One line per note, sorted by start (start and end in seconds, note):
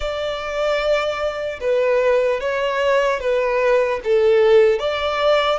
0.00 1.59 D5
1.60 2.40 B4
2.40 3.20 C#5
3.20 4.00 B4
4.04 4.79 A4
4.79 5.59 D5